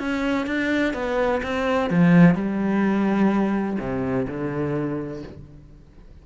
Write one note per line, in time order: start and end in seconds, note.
0.00 0.47 C#4
0.47 0.94 D4
0.94 1.42 B3
1.43 1.91 C4
1.91 2.35 F3
2.35 3.78 G3
3.80 4.27 C3
4.28 5.23 D3